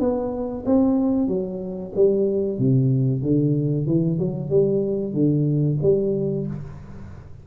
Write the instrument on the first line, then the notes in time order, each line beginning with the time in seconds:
tuba
0.00 B3
0.66 C4
1.28 F#3
1.96 G3
2.59 C3
3.23 D3
3.87 E3
4.19 F#3
4.50 G3
5.14 D3
5.83 G3